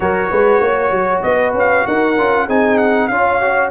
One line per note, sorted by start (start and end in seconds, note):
0.00 0.30 F#3
0.00 2.15 F#4
0.00 0.30 A#4
0.00 1.22 C#5
0.30 0.60 G#3
0.30 0.61 B4
0.60 0.91 A#3
0.60 1.24 C#5
0.91 1.22 F#3
1.22 1.53 B3
1.22 1.86 B4
1.22 1.53 D#5
1.53 1.84 C#4
1.53 1.87 F5
1.86 2.17 D#4
1.86 2.45 A#4
1.86 2.48 F#5
2.17 2.47 C#4
2.17 2.48 F4
2.45 3.09 C4
2.45 3.10 D#4
2.45 3.07 G#4
2.45 2.77 G#5
2.77 3.07 F#5
3.07 3.71 C#4
3.07 3.41 F4
3.07 3.71 C#5
3.07 3.69 F5
3.41 3.71 F#4